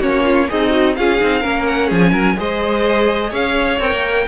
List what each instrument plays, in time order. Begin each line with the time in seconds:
0.00 cello A#3, viola C#4, violin F#4 C#5
0.23 violin F4
0.49 cello C4, violin D#4 D#5, viola G#4
0.70 viola F#4
0.96 cello C#4, viola F4, violin G#4 F5
1.19 cello C4, viola D#4
1.41 cello A#3, viola C#4, violin A#4
1.66 violin F#5
1.87 cello F3, violin G#4
1.94 violin G#5
2.12 cello F#3, violin A#4
2.37 cello G#3, viola G#4, violin C5 D#5
3.30 cello C#4, violin C#5 F5
3.80 cello C4, viola A#4, violin G5
3.91 cello A#3